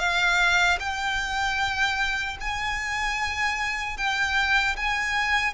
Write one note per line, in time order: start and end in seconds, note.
0.00 0.79 F5
0.80 2.38 G5
2.41 3.98 G#5
3.98 4.77 G5
4.77 5.54 G#5